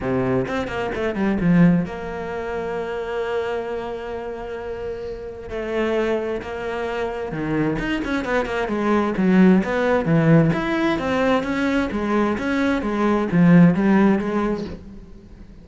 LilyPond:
\new Staff \with { instrumentName = "cello" } { \time 4/4 \tempo 4 = 131 c4 c'8 ais8 a8 g8 f4 | ais1~ | ais1 | a2 ais2 |
dis4 dis'8 cis'8 b8 ais8 gis4 | fis4 b4 e4 e'4 | c'4 cis'4 gis4 cis'4 | gis4 f4 g4 gis4 | }